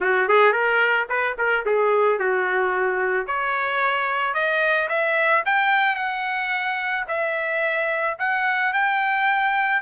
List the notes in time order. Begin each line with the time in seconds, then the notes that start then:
0.00 F#4
0.28 G#4
0.52 A#4
1.09 B4
1.38 A#4
1.65 G#4
2.19 F#4
3.26 C#5
4.33 D#5
4.88 E5
5.45 G5
5.95 F#5
7.08 E5
8.18 F#5
8.73 G5